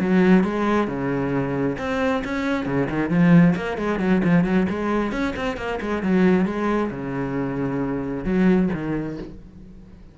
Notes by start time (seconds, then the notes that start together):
0.00 F#3
0.44 G#3
0.88 C#3
1.78 C4
2.24 C#4
2.66 C#3
2.90 D#3
3.10 F3
3.56 A#3
3.78 G#3
4.00 F#3
4.24 F3
4.44 F#3
4.70 G#3
5.12 C#4
5.36 C4
5.57 A#3
5.81 G#3
6.03 F#3
6.46 G#3
6.91 C#3
8.25 F#3
8.74 D#3